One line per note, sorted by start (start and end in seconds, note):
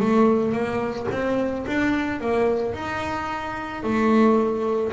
0.00 0.53 A3
0.53 1.07 A#3
1.11 1.66 C4
1.67 2.21 D4
2.21 2.74 A#3
2.74 3.83 D#4
3.83 4.92 A3